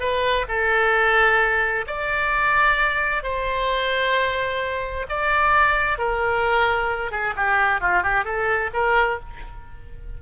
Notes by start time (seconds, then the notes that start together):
0.00 B4
0.48 A4
1.87 D5
3.23 C5
5.09 D5
5.98 A#4
7.11 G#4
7.36 G4
7.81 F4
8.03 G4
8.25 A4
8.74 A#4